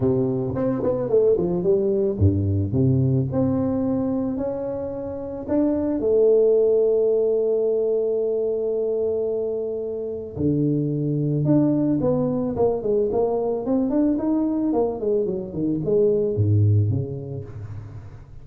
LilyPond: \new Staff \with { instrumentName = "tuba" } { \time 4/4 \tempo 4 = 110 c4 c'8 b8 a8 f8 g4 | g,4 c4 c'2 | cis'2 d'4 a4~ | a1~ |
a2. d4~ | d4 d'4 b4 ais8 gis8 | ais4 c'8 d'8 dis'4 ais8 gis8 | fis8 dis8 gis4 gis,4 cis4 | }